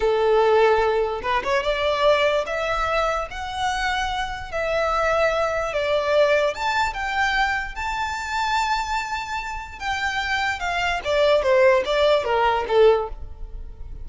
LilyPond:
\new Staff \with { instrumentName = "violin" } { \time 4/4 \tempo 4 = 147 a'2. b'8 cis''8 | d''2 e''2 | fis''2. e''4~ | e''2 d''2 |
a''4 g''2 a''4~ | a''1 | g''2 f''4 d''4 | c''4 d''4 ais'4 a'4 | }